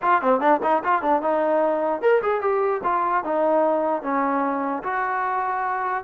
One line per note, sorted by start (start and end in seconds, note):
0.02 0.21 F4
0.21 0.40 C4
0.40 0.60 D4
0.62 0.83 D#4
0.84 1.02 F4
1.02 1.22 D4
1.22 2.01 D#4
2.01 2.21 A#4
2.22 2.41 G#4
2.41 2.81 G4
2.83 3.23 F4
3.24 4.02 D#4
4.02 4.82 C#4
4.83 6.04 F#4